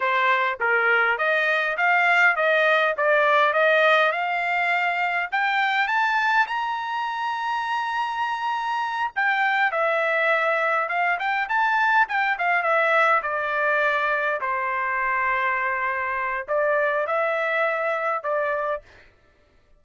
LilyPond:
\new Staff \with { instrumentName = "trumpet" } { \time 4/4 \tempo 4 = 102 c''4 ais'4 dis''4 f''4 | dis''4 d''4 dis''4 f''4~ | f''4 g''4 a''4 ais''4~ | ais''2.~ ais''8 g''8~ |
g''8 e''2 f''8 g''8 a''8~ | a''8 g''8 f''8 e''4 d''4.~ | d''8 c''2.~ c''8 | d''4 e''2 d''4 | }